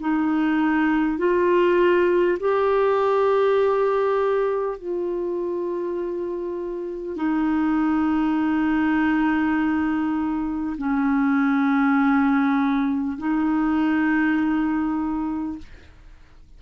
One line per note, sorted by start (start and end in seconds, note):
0.00 1.18 D#4
1.18 2.38 F4
2.39 4.78 G4
4.78 7.16 F4
7.16 10.76 D#4
10.78 13.18 C#4
13.18 15.58 D#4